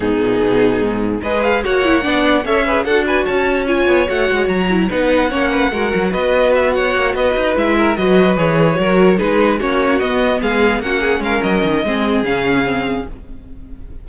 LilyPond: <<
  \new Staff \with { instrumentName = "violin" } { \time 4/4 \tempo 4 = 147 gis'2. dis''8 f''8 | fis''2 e''4 fis''8 gis''8 | a''4 gis''4 fis''4 ais''4 | fis''2. dis''4 |
e''8 fis''4 dis''4 e''4 dis''8~ | dis''8 cis''2 b'4 cis''8~ | cis''8 dis''4 f''4 fis''4 f''8 | dis''2 f''2 | }
  \new Staff \with { instrumentName = "violin" } { \time 4/4 dis'2. b'4 | cis''4 d''4 cis''8 b'8 a'8 b'8 | cis''1 | b'4 cis''8 b'8 ais'4 b'4~ |
b'8 cis''4 b'4. ais'8 b'8~ | b'4. ais'4 gis'4 fis'8~ | fis'4. gis'4 fis'8 gis'8 ais'8~ | ais'4 gis'2. | }
  \new Staff \with { instrumentName = "viola" } { \time 4/4 b2. gis'4 | fis'8 e'8 d'4 a'8 gis'8 fis'4~ | fis'4 f'4 fis'4. e'8 | dis'4 cis'4 fis'2~ |
fis'2~ fis'8 e'4 fis'8~ | fis'8 gis'4 fis'4 dis'4 cis'8~ | cis'8 b2 cis'4.~ | cis'4 c'4 cis'4 c'4 | }
  \new Staff \with { instrumentName = "cello" } { \time 4/4 gis,8 ais,8 b,4 gis,4 gis4 | ais4 b4 cis'4 d'4 | cis'4. b8 a8 gis8 fis4 | b4 ais4 gis8 fis8 b4~ |
b4 ais8 b8 dis'8 gis4 fis8~ | fis8 e4 fis4 gis4 ais8~ | ais8 b4 gis4 ais4 gis8 | fis8 dis8 gis4 cis2 | }
>>